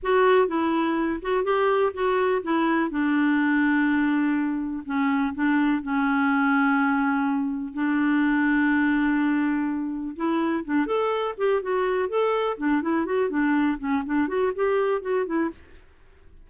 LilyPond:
\new Staff \with { instrumentName = "clarinet" } { \time 4/4 \tempo 4 = 124 fis'4 e'4. fis'8 g'4 | fis'4 e'4 d'2~ | d'2 cis'4 d'4 | cis'1 |
d'1~ | d'4 e'4 d'8 a'4 g'8 | fis'4 a'4 d'8 e'8 fis'8 d'8~ | d'8 cis'8 d'8 fis'8 g'4 fis'8 e'8 | }